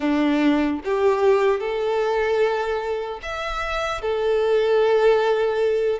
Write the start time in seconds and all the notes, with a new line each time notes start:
0.00 D4
0.84 G4
1.60 A4
3.22 E5
4.01 A4